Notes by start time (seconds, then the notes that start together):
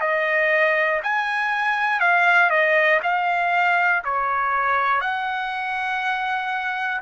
0.00 D#5
1.03 G#5
2.00 F5
2.50 D#5
3.02 F5
4.05 C#5
5.00 F#5